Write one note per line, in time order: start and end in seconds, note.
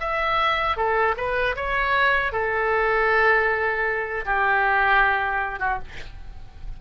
0.00 0.77 E5
0.77 1.15 A4
1.17 1.56 B4
1.56 2.33 C#5
2.33 4.25 A4
4.26 5.60 G4
5.60 5.79 F#4